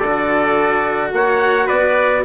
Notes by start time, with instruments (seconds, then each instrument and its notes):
0.00 bassoon D3, cello F#4, trumpet A4 D5
1.12 bassoon A#3, trumpet C#5 F#5
1.66 bassoon B3, trumpet B4 D5